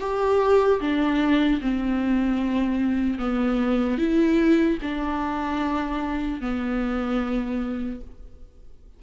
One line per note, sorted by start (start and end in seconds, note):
0.00 0.80 G4
0.80 1.60 D4
1.61 3.19 C4
3.19 3.98 B3
3.98 4.78 E4
4.82 6.41 D4
6.41 8.01 B3